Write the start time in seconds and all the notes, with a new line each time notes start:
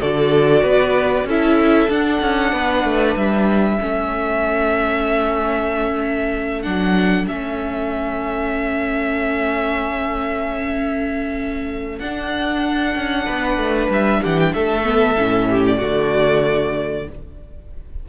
0.00 D3 F#4 A4 D5
0.62 B3 B4
1.24 C#4 E4 A4 E5
1.88 D4 F#5
2.21 C#4
2.53 B3 B4
2.84 A3
3.16 G3 E5
3.80 A3 C#4 A4
6.62 F#3 D4 F#5
7.26 A3 C#4 E5
11.99 D4 F#5
12.95 C#4
13.26 B3 B4
13.57 A3
13.89 G3 E5
14.21 E3 G4 F#5
14.40 G5
14.53 A3 A4 E5
14.84 B3
15.17 A2 C#4
15.49 G4
15.66 D5
15.78 D3 A3 F#4